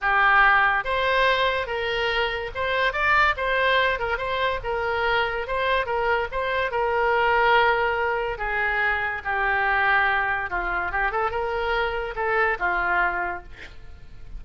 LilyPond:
\new Staff \with { instrumentName = "oboe" } { \time 4/4 \tempo 4 = 143 g'2 c''2 | ais'2 c''4 d''4 | c''4. ais'8 c''4 ais'4~ | ais'4 c''4 ais'4 c''4 |
ais'1 | gis'2 g'2~ | g'4 f'4 g'8 a'8 ais'4~ | ais'4 a'4 f'2 | }